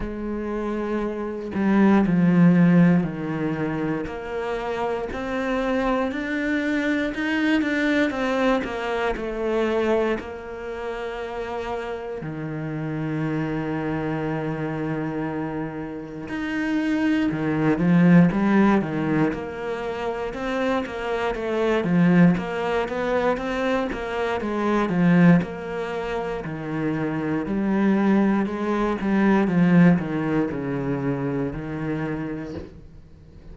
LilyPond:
\new Staff \with { instrumentName = "cello" } { \time 4/4 \tempo 4 = 59 gis4. g8 f4 dis4 | ais4 c'4 d'4 dis'8 d'8 | c'8 ais8 a4 ais2 | dis1 |
dis'4 dis8 f8 g8 dis8 ais4 | c'8 ais8 a8 f8 ais8 b8 c'8 ais8 | gis8 f8 ais4 dis4 g4 | gis8 g8 f8 dis8 cis4 dis4 | }